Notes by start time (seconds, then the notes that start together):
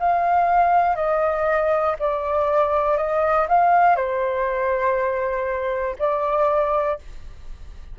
0.00 F5
0.96 D#5
2.00 D5
2.97 D#5
3.49 F5
3.96 C5
6.00 D5